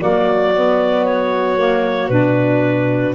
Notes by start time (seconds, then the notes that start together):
0.00 F#3 A#3 F#4 D5
0.56 B3
1.05 C#5
1.58 A#3
2.09 B2 D4 B4